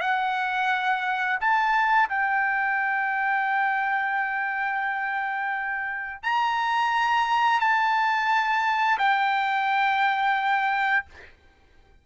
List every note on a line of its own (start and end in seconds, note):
0.00 1.38 F#5
1.40 2.08 A5
2.08 6.22 G5
6.23 7.60 A#5
7.60 8.98 A5
8.98 11.05 G5